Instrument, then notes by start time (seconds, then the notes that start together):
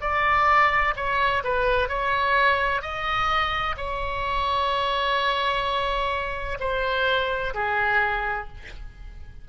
oboe
0.00 D5
0.96 C#5
1.43 B4
1.88 C#5
2.81 D#5
3.76 C#5
6.60 C5
7.54 G#4